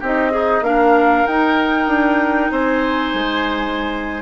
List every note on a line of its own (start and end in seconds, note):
0.00 0.61 C4
0.00 0.30 D#4
0.00 0.31 G4
0.00 0.64 D#5
0.30 0.64 D#4
0.30 0.62 G#4
0.61 1.24 A#3
0.61 1.27 D4
0.61 2.52 A#4
0.61 1.26 F5
1.26 1.88 D#4
1.26 4.22 D#4
1.26 2.51 G5
1.88 2.50 D4
2.51 3.14 C4
2.51 4.22 C5
2.51 4.22 G#5
3.14 4.22 G#3